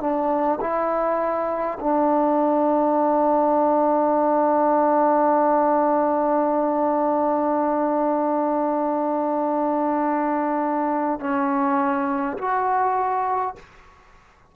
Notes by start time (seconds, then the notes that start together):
0.00 D4
0.60 E4
1.80 D4
11.20 C#4
12.37 F#4